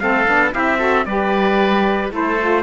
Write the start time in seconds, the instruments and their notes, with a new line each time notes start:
0.00 cello A3, saxophone C4, oboe A4, trumpet F5
0.27 cello B3, saxophone D4
0.53 cello C4, saxophone E4, oboe G4, trumpet E5
0.78 saxophone F#4, oboe A4
1.06 cello G3, saxophone G4, oboe B4, trumpet D5
2.11 cello A3, saxophone E4, oboe A4, trumpet C5
2.41 saxophone F4